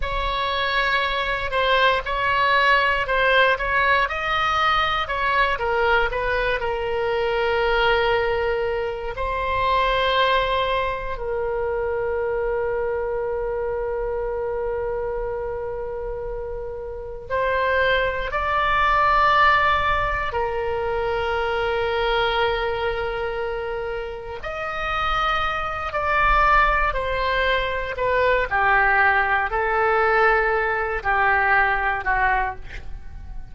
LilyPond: \new Staff \with { instrumentName = "oboe" } { \time 4/4 \tempo 4 = 59 cis''4. c''8 cis''4 c''8 cis''8 | dis''4 cis''8 ais'8 b'8 ais'4.~ | ais'4 c''2 ais'4~ | ais'1~ |
ais'4 c''4 d''2 | ais'1 | dis''4. d''4 c''4 b'8 | g'4 a'4. g'4 fis'8 | }